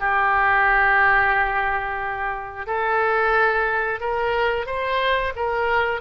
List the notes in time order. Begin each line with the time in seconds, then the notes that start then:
0.00 G4
2.67 A4
4.01 A#4
4.66 C5
5.36 A#4